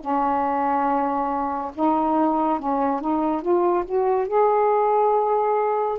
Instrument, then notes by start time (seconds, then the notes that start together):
saxophone
0.00 C#4
1.75 D#4
2.59 C#4
3.01 D#4
3.42 F4
3.85 F#4
4.28 G#4